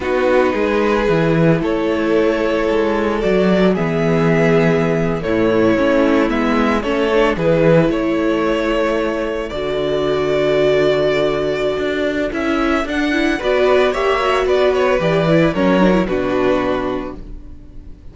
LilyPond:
<<
  \new Staff \with { instrumentName = "violin" } { \time 4/4 \tempo 4 = 112 b'2. cis''4~ | cis''2 d''4 e''4~ | e''4.~ e''16 cis''2 e''16~ | e''8. cis''4 b'4 cis''4~ cis''16~ |
cis''4.~ cis''16 d''2~ d''16~ | d''2. e''4 | fis''4 d''4 e''4 d''8 cis''8 | d''4 cis''4 b'2 | }
  \new Staff \with { instrumentName = "violin" } { \time 4/4 fis'4 gis'2 a'4~ | a'2. gis'4~ | gis'4.~ gis'16 e'2~ e'16~ | e'8. a'4 gis'4 a'4~ a'16~ |
a'1~ | a'1~ | a'4 b'4 cis''4 b'4~ | b'4 ais'4 fis'2 | }
  \new Staff \with { instrumentName = "viola" } { \time 4/4 dis'2 e'2~ | e'2 fis'4 b4~ | b4.~ b16 a4 cis'4 b16~ | b8. cis'8 d'8 e'2~ e'16~ |
e'4.~ e'16 fis'2~ fis'16~ | fis'2. e'4 | d'8 e'8 fis'4 g'8 fis'4. | g'8 e'8 cis'8 d'16 e'16 d'2 | }
  \new Staff \with { instrumentName = "cello" } { \time 4/4 b4 gis4 e4 a4~ | a4 gis4 fis4 e4~ | e4.~ e16 a,4 a4 gis16~ | gis8. a4 e4 a4~ a16~ |
a4.~ a16 d2~ d16~ | d2 d'4 cis'4 | d'4 b4 ais4 b4 | e4 fis4 b,2 | }
>>